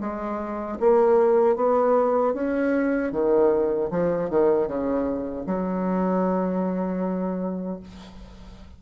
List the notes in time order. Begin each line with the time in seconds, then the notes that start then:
0.00 G#3
0.79 A#3
1.55 B3
2.34 C#4
3.12 D#3
3.90 F3
4.29 D#3
4.67 C#3
5.46 F#3